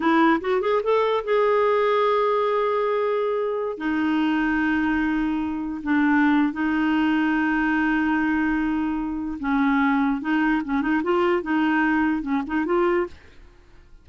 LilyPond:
\new Staff \with { instrumentName = "clarinet" } { \time 4/4 \tempo 4 = 147 e'4 fis'8 gis'8 a'4 gis'4~ | gis'1~ | gis'4~ gis'16 dis'2~ dis'8.~ | dis'2~ dis'16 d'4.~ d'16 |
dis'1~ | dis'2. cis'4~ | cis'4 dis'4 cis'8 dis'8 f'4 | dis'2 cis'8 dis'8 f'4 | }